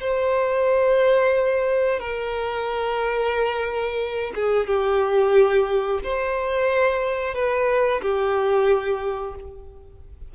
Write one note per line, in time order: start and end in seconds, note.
0.00 1.99 C5
1.99 4.33 A#4
4.35 4.66 G#4
4.66 6.00 G4
6.03 7.34 C5
7.34 8.01 B4
8.01 9.35 G4